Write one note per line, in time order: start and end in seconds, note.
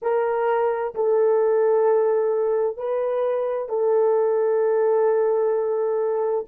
0.02 0.94 A#4
0.94 2.77 A4
2.77 3.68 B4
3.68 6.45 A4